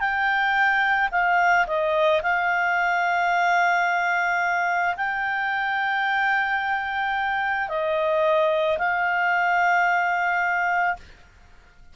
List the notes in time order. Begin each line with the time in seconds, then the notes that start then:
0.00 G5
1.12 F5
1.67 D#5
2.23 F5
4.97 G5
7.69 D#5
8.78 F5